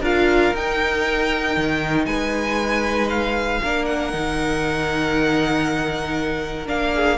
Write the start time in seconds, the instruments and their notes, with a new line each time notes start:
0.00 cello D4, viola F4, violin A#4 F5
0.54 cello D#4, viola D#4, violin G5
1.56 cello D#3
2.05 cello G#3, violin B4 G#5
3.09 violin F5
3.62 cello A#3, viola D4, violin A#4
3.85 violin F#5
4.12 cello D#3, viola D#4
6.66 cello A#3, viola D4, violin F5
6.94 violin G#4